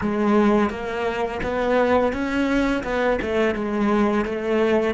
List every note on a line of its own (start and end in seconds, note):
0.01 0.69 G#3
0.69 1.40 A#3
1.42 2.12 B3
2.12 2.83 C#4
2.83 3.19 B3
3.21 3.55 A3
3.55 4.25 G#3
4.25 4.94 A3